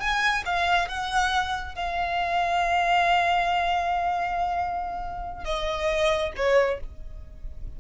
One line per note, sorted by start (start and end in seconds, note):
0.00 0.44 G#5
0.45 0.88 F5
0.88 1.75 F#5
1.75 5.45 F5
5.45 6.32 D#5
6.36 6.80 C#5